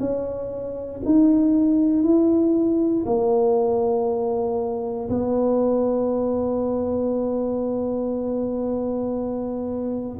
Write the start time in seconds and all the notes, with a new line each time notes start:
0.00 C#4
1.05 D#4
2.03 E4
3.06 A#3
5.10 B3